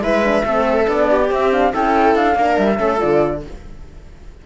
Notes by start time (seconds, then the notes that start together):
0.00 G#3 E4 B4 E5
0.24 D4
0.44 A3 C4 A4
0.86 B3 D4 D5
1.10 G4
1.29 C4 E5
1.51 D4 F5
1.72 C#4 E4 A4 G5
2.15 D4 F5
2.36 A#3 D4 A#4
2.58 G3 E5
2.77 A3 C#4 A4
2.98 F4 D5
3.04 D3